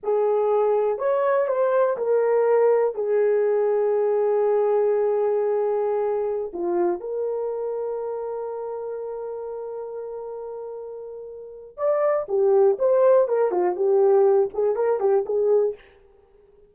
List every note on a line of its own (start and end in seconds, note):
0.03 0.98 G#4
0.98 1.47 C#5
1.47 1.96 C5
1.97 2.94 A#4
2.94 6.51 G#4
6.53 7.00 F4
7.00 11.77 A#4
11.77 12.26 D5
12.28 12.77 G4
12.79 13.28 C5
13.28 13.51 A#4
13.51 13.75 F4
13.76 14.49 G4
14.53 14.75 G#4
14.75 15.00 A#4
15.00 15.24 G4
15.25 15.74 G#4